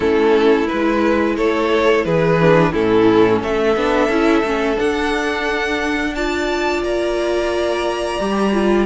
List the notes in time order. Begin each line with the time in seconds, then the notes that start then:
0.00 A3 C#4 E4 A4
0.67 G#3 E4 B4
1.36 A3 A4 C#5
2.04 E3 G#4 B4
2.41 D4
2.72 A2 C#4 E4 A4
3.40 A3 A4 E5
3.76 B3 D4
4.08 C#4 E4
4.43 A3 C#4
4.76 D4 F#5
6.14 F4 D5 A5
6.83 A#3 A#5
8.19 G3 G4
8.53 F4